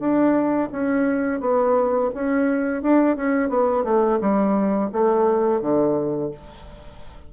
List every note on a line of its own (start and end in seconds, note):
0.00 0.70 D4
0.72 1.41 C#4
1.41 2.11 B3
2.15 2.83 C#4
2.83 3.17 D4
3.17 3.49 C#4
3.49 3.84 B3
3.85 4.20 A3
4.21 4.91 G3
4.93 5.62 A3
5.62 6.31 D3